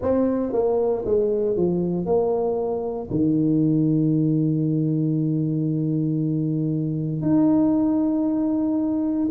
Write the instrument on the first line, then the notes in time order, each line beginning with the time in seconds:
tuba
0.01 C4
0.52 A#3
1.05 G#3
1.56 F3
2.05 A#3
3.10 D#3
7.21 D#4